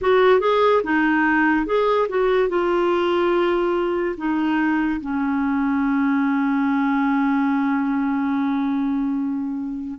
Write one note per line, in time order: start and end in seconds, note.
0.01 0.40 F#4
0.40 0.81 G#4
0.83 1.66 D#4
1.66 2.07 G#4
2.08 2.48 F#4
2.48 4.15 F4
4.17 5.00 D#4
5.00 9.99 C#4